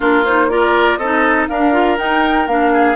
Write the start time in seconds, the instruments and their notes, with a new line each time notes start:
0.00 bassoon A#3, clarinet D4, oboe F4, flute A#4
0.25 clarinet D#4, flute C5
0.49 clarinet F4, oboe A#4, flute D5
0.97 bassoon C4, oboe A4, flute D#5
1.04 clarinet D#4
1.48 bassoon D4, clarinet D4, oboe A#4, flute F5
1.73 clarinet F4
1.97 clarinet D#4, bassoon D#4, flute G5
2.47 bassoon A#3, clarinet D4, flute F5
2.73 oboe G#4